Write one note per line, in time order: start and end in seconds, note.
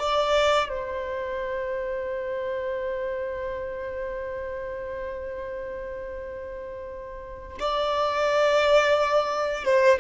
0.00 0.69 D5
0.69 7.59 C5
7.60 9.65 D5
9.65 9.99 C5